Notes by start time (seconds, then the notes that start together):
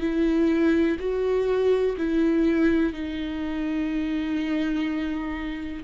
0.00 E4
0.99 F#4
1.98 E4
2.93 D#4